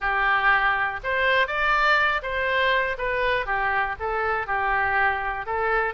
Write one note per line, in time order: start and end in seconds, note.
0.00 1.00 G4
1.03 1.47 C5
1.47 2.21 D5
2.22 2.96 C5
2.98 3.46 B4
3.46 3.95 G4
3.99 4.46 A4
4.46 5.45 G4
5.46 5.94 A4